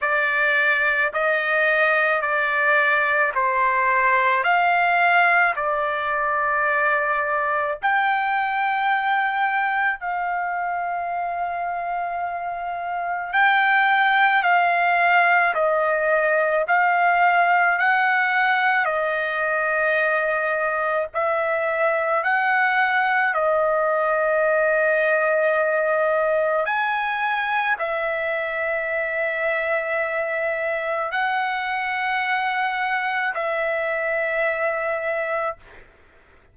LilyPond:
\new Staff \with { instrumentName = "trumpet" } { \time 4/4 \tempo 4 = 54 d''4 dis''4 d''4 c''4 | f''4 d''2 g''4~ | g''4 f''2. | g''4 f''4 dis''4 f''4 |
fis''4 dis''2 e''4 | fis''4 dis''2. | gis''4 e''2. | fis''2 e''2 | }